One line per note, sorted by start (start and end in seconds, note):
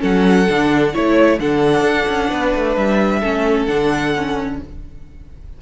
0.00 0.49 F#3
0.00 0.46 C#4
0.00 0.93 A4
0.00 0.95 F#5
0.49 0.95 D3
0.49 0.93 D4
0.93 1.40 A3
0.93 1.39 E4
0.93 1.39 C#5
0.93 1.40 C#5
1.40 1.81 D3
1.40 3.23 D4
1.40 2.30 A4
1.40 2.76 F#5
1.81 2.04 D4
2.09 2.31 C#4
2.30 2.54 B3
2.30 3.20 B4
2.55 2.77 A3
2.76 3.23 G3
2.76 3.66 E5
3.20 3.68 A3
3.20 3.68 C#4
3.20 4.57 A4
3.66 4.60 D3
3.66 4.14 D4
3.66 4.57 F#5
4.16 4.62 C#4